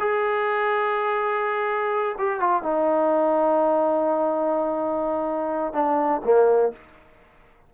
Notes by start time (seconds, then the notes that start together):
0.00 G#4
2.19 G4
2.40 F4
2.63 D#4
5.74 D4
6.25 A#3